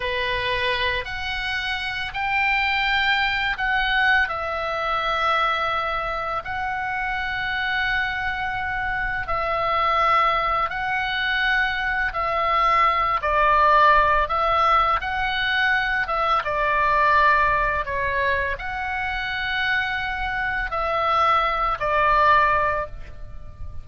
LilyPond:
\new Staff \with { instrumentName = "oboe" } { \time 4/4 \tempo 4 = 84 b'4. fis''4. g''4~ | g''4 fis''4 e''2~ | e''4 fis''2.~ | fis''4 e''2 fis''4~ |
fis''4 e''4. d''4. | e''4 fis''4. e''8 d''4~ | d''4 cis''4 fis''2~ | fis''4 e''4. d''4. | }